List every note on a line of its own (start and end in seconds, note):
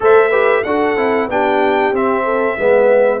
0.00 0.65 A3
0.00 0.30 A4
0.00 0.29 C5
0.00 0.63 E5
0.29 0.64 G4
0.29 0.61 B4
0.63 0.96 D4
0.63 0.96 F#4
0.63 1.30 A4
0.63 1.28 F#5
0.96 1.28 C4
0.96 1.29 E4
1.28 1.92 B3
1.28 1.93 D4
1.28 2.24 G4
1.28 1.95 G5
1.92 2.57 C4
1.92 2.58 C4
1.92 3.20 E5
2.24 2.56 A4
2.58 3.20 G#3
2.58 3.20 B3
2.58 3.20 B4